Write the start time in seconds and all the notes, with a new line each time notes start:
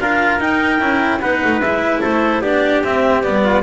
0.00 D4 F4 A#4 F5
0.40 D#4 G5
0.80 C#4 E4
1.21 B3 D#4 B4 F#5
1.45 A3
1.59 G#3 E4 E5
2.01 A3 A4 C5
2.41 B3 D4 G4 D5
2.84 C4 E5
3.23 G3 B3 D5
3.44 F4